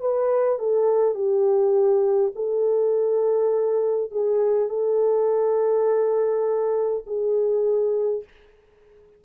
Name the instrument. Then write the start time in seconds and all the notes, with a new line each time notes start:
horn
0.00 B4
0.59 A4
1.15 G4
2.35 A4
4.12 G#4
4.69 A4
7.07 G#4